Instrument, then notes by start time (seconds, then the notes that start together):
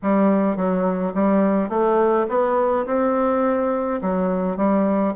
bassoon
0.02 G3
0.56 F#3
1.14 G3
1.69 A3
2.28 B3
2.86 C4
4.01 F#3
4.57 G3